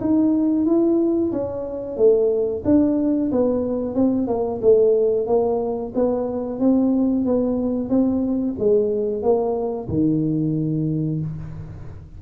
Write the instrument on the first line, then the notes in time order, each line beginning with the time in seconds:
tuba
0.00 D#4
0.65 E4
1.32 C#4
1.97 A3
2.65 D4
3.31 B3
3.95 C4
4.27 A#3
4.61 A3
5.27 A#3
5.94 B3
6.59 C4
7.25 B3
7.89 C4
8.59 G#3
9.22 A#3
9.88 D#3